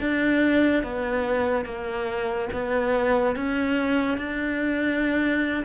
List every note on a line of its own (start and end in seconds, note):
0.00 0.83 D4
0.83 1.65 B3
1.65 2.48 A#3
2.53 3.36 B3
3.36 4.18 C#4
4.18 5.64 D4